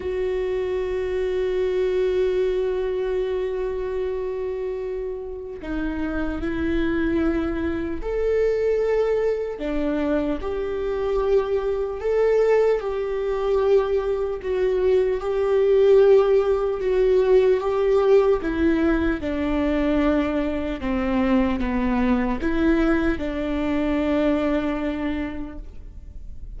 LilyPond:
\new Staff \with { instrumentName = "viola" } { \time 4/4 \tempo 4 = 75 fis'1~ | fis'2. dis'4 | e'2 a'2 | d'4 g'2 a'4 |
g'2 fis'4 g'4~ | g'4 fis'4 g'4 e'4 | d'2 c'4 b4 | e'4 d'2. | }